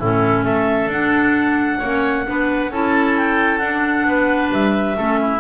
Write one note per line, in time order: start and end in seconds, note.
0.00 0.45 A2
0.00 0.93 C#4
0.00 0.45 E4
0.00 0.45 A4
0.45 0.88 A3
0.45 1.79 A4
0.45 0.90 E5
0.88 1.78 D4
0.88 1.83 D4
0.88 2.73 F#5
1.79 2.28 A#3
1.79 2.26 C#4
1.79 2.24 C#5
2.26 2.71 B3
2.26 2.71 D4
2.26 2.72 B4
2.71 3.61 C#4
2.71 3.61 E4
2.71 4.07 A4
2.71 3.18 A5
3.18 3.58 G5
3.58 4.06 D4
3.58 4.97 D4
3.58 4.49 F#5
4.06 4.51 B3
4.06 4.98 B4
4.52 4.98 G3
4.52 5.41 E5
4.98 5.41 A3
4.98 5.41 C#4
4.98 5.20 A4
5.21 5.41 E4